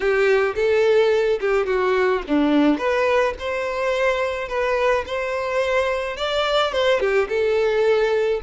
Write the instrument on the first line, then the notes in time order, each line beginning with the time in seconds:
violin
0.00 G4
0.55 A4
1.40 G4
1.66 F#4
2.27 D4
2.78 B4
3.39 C5
4.48 B4
5.06 C5
6.17 D5
6.72 C5
7.00 G4
7.28 A4